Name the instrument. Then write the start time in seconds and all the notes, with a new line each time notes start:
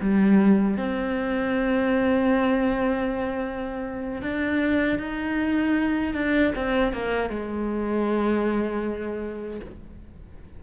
cello
0.00 G3
0.77 C4
4.21 D4
4.99 D#4
6.14 D4
6.55 C4
6.92 A#3
7.29 G#3